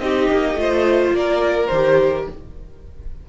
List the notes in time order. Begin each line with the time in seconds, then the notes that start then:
0.00 C4 D#4 G4 D#5
0.32 A#3
0.55 A3 F4 C5
1.12 A#3 A#4 D5
1.67 D#3 G4 C5